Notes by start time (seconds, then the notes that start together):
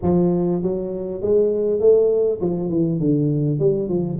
0.02 F3
0.62 F#3
1.21 G#3
1.80 A3
2.41 F3
2.69 E3
2.99 D3
3.59 G3
3.88 F3